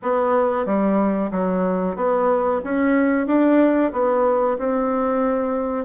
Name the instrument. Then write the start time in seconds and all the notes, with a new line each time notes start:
bassoon
0.02 B3
0.65 G3
1.31 F#3
1.96 B3
2.64 C#4
3.26 D4
3.92 B3
4.58 C4